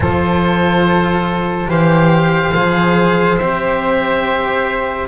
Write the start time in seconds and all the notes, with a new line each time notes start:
0.00 F3 F4 A4 C5
1.68 E3 G4 C5 F5
2.54 F3 G#4
3.38 C4 G4 E5